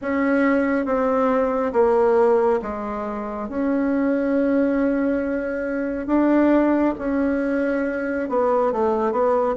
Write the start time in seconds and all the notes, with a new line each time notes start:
0.01 C#4
0.85 C4
1.72 A#3
2.61 G#3
3.48 C#4
6.07 D4
6.98 C#4
8.29 B3
8.72 A3
9.11 B3